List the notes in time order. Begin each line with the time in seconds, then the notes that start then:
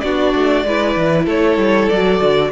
0.00 B3 D4 F#4 D5
0.35 A3
0.65 G#3 E4 B4
0.96 E3
1.26 A3 A4 C#5
1.57 G3
1.89 F#3 F#4 D5
2.21 D3